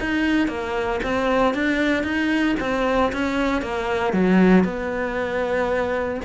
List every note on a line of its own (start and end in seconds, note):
0.00 0.48 D#4
0.48 1.01 A#3
1.04 1.55 C4
1.55 2.04 D4
2.04 2.56 D#4
2.60 3.13 C4
3.13 3.62 C#4
3.62 4.13 A#3
4.13 4.65 F#3
4.65 6.21 B3